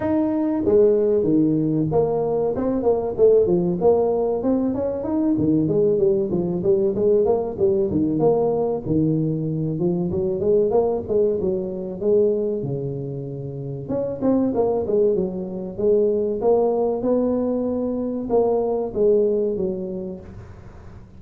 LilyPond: \new Staff \with { instrumentName = "tuba" } { \time 4/4 \tempo 4 = 95 dis'4 gis4 dis4 ais4 | c'8 ais8 a8 f8 ais4 c'8 cis'8 | dis'8 dis8 gis8 g8 f8 g8 gis8 ais8 | g8 dis8 ais4 dis4. f8 |
fis8 gis8 ais8 gis8 fis4 gis4 | cis2 cis'8 c'8 ais8 gis8 | fis4 gis4 ais4 b4~ | b4 ais4 gis4 fis4 | }